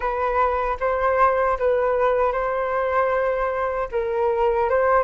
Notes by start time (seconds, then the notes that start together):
0.00 B4
0.80 C5
1.58 B4
2.32 C5
3.91 A#4
4.69 C5